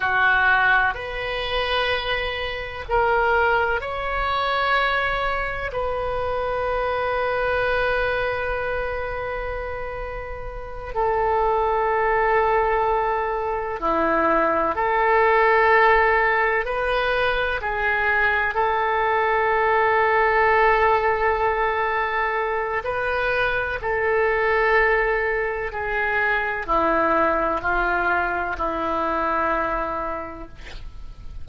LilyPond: \new Staff \with { instrumentName = "oboe" } { \time 4/4 \tempo 4 = 63 fis'4 b'2 ais'4 | cis''2 b'2~ | b'2.~ b'8 a'8~ | a'2~ a'8 e'4 a'8~ |
a'4. b'4 gis'4 a'8~ | a'1 | b'4 a'2 gis'4 | e'4 f'4 e'2 | }